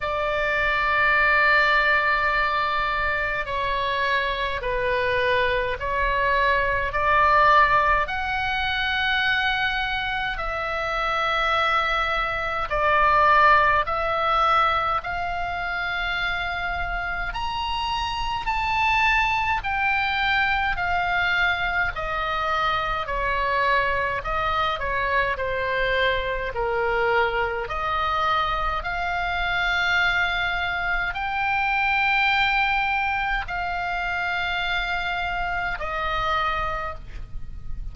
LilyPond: \new Staff \with { instrumentName = "oboe" } { \time 4/4 \tempo 4 = 52 d''2. cis''4 | b'4 cis''4 d''4 fis''4~ | fis''4 e''2 d''4 | e''4 f''2 ais''4 |
a''4 g''4 f''4 dis''4 | cis''4 dis''8 cis''8 c''4 ais'4 | dis''4 f''2 g''4~ | g''4 f''2 dis''4 | }